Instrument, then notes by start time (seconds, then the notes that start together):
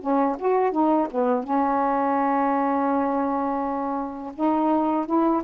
saxophone
0.00 C#4
0.38 F#4
0.71 D#4
1.10 B3
1.43 C#4
4.34 D#4
5.06 E4